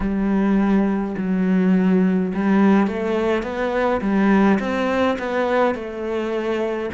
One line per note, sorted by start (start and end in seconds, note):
0.00 1.15 G3
1.17 2.33 F#3
2.34 2.87 G3
2.87 3.42 A3
3.42 4.00 B3
4.01 4.58 G3
4.59 5.17 C4
5.19 5.74 B3
5.74 6.90 A3